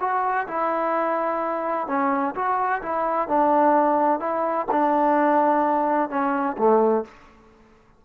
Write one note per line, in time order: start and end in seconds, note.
0.00 0.47 F#4
0.47 1.87 E4
1.87 2.34 C#4
2.35 2.82 F#4
2.82 3.28 E4
3.28 4.20 D4
4.20 4.67 E4
4.71 6.10 D4
6.10 6.56 C#4
6.58 7.05 A3